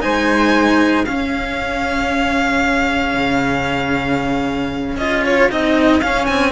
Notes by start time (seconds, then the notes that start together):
0.00 G#3 D#4 C5 G#5
1.05 C#4 G#4 F5
3.14 C#3
4.96 C#4 F4 D#5
5.25 C#5
5.50 C4 D#4 D#5
6.01 C#4 F5
6.26 C4 G#5